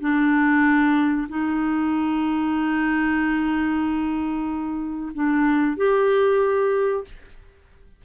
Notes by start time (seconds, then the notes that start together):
0.00 D4
1.29 D#4
5.14 D4
5.77 G4